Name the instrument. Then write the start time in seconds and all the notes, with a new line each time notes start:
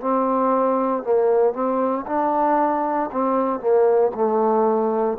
trombone
0.00 C4
1.03 A#3
1.53 C4
2.06 D4
3.11 C4
3.60 A#3
4.14 A3